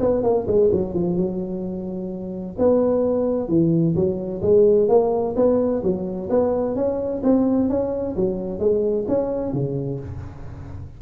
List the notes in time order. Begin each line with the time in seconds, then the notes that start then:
0.00 B3
0.23 A#3
0.47 G#3
0.72 F#3
0.95 F3
1.17 F#3
2.59 B3
3.49 E3
3.95 F#3
4.42 G#3
4.89 A#3
5.36 B3
5.83 F#3
6.30 B3
6.76 C#4
7.24 C4
7.69 C#4
8.16 F#3
8.59 G#3
9.08 C#4
9.53 C#3